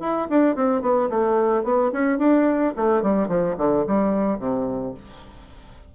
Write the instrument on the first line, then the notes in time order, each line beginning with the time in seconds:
bassoon
0.00 E4
0.30 D4
0.55 C4
0.82 B3
1.09 A3
1.63 B3
1.92 C#4
2.18 D4
2.76 A3
3.02 G3
3.28 F3
3.58 D3
3.87 G3
4.39 C3